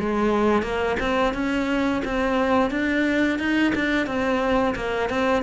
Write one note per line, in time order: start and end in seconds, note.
0.00 0.63 G#3
0.63 0.97 A#3
1.00 1.34 C4
1.34 2.02 C#4
2.05 2.71 C4
2.71 3.39 D4
3.39 3.73 D#4
3.75 4.07 D4
4.07 4.75 C4
4.75 5.10 A#3
5.10 5.43 C4